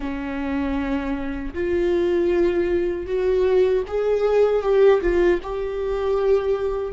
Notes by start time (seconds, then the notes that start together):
0.00 C#4
1.54 F4
3.06 F#4
3.87 G#4
4.62 G4
5.01 F4
5.42 G4